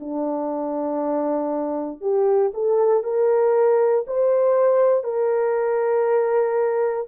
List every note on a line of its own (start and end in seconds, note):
0.00 2.01 D4
2.01 2.52 G4
2.54 3.03 A4
3.03 4.05 A#4
4.07 5.04 C5
5.04 7.07 A#4